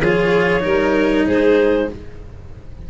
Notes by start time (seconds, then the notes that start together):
0.00 F3 F4 G#4 C#5
0.60 G3 D#4 A#4
1.26 G#3 G#4 C5